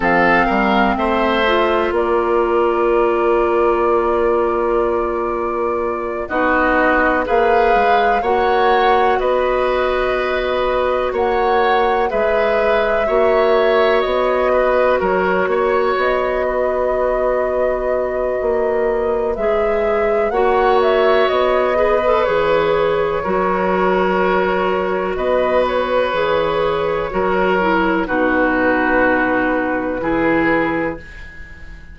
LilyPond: <<
  \new Staff \with { instrumentName = "flute" } { \time 4/4 \tempo 4 = 62 f''4 e''4 d''2~ | d''2~ d''8 dis''4 f''8~ | f''8 fis''4 dis''2 fis''8~ | fis''8 e''2 dis''4 cis''8~ |
cis''8 dis''2.~ dis''8 | e''4 fis''8 e''8 dis''4 cis''4~ | cis''2 dis''8 cis''4.~ | cis''4 b'2. | }
  \new Staff \with { instrumentName = "oboe" } { \time 4/4 a'8 ais'8 c''4 ais'2~ | ais'2~ ais'8 fis'4 b'8~ | b'8 cis''4 b'2 cis''8~ | cis''8 b'4 cis''4. b'8 ais'8 |
cis''4 b'2.~ | b'4 cis''4. b'4. | ais'2 b'2 | ais'4 fis'2 gis'4 | }
  \new Staff \with { instrumentName = "clarinet" } { \time 4/4 c'4. f'2~ f'8~ | f'2~ f'8 dis'4 gis'8~ | gis'8 fis'2.~ fis'8~ | fis'8 gis'4 fis'2~ fis'8~ |
fis'1 | gis'4 fis'4. gis'16 a'16 gis'4 | fis'2. gis'4 | fis'8 e'8 dis'2 e'4 | }
  \new Staff \with { instrumentName = "bassoon" } { \time 4/4 f8 g8 a4 ais2~ | ais2~ ais8 b4 ais8 | gis8 ais4 b2 ais8~ | ais8 gis4 ais4 b4 fis8 |
ais8 b2~ b8 ais4 | gis4 ais4 b4 e4 | fis2 b4 e4 | fis4 b,2 e4 | }
>>